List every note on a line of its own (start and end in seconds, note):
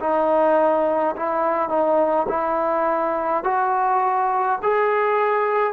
0.00 1.15 D#4
1.16 1.69 E4
1.69 2.27 D#4
2.29 3.44 E4
3.44 4.59 F#4
4.63 5.73 G#4